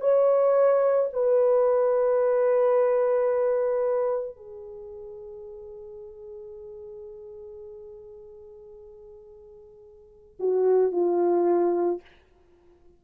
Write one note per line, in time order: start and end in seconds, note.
0.00 1.09 C#5
1.13 4.36 B4
4.36 10.36 G#4
10.39 10.91 F#4
10.91 12.00 F4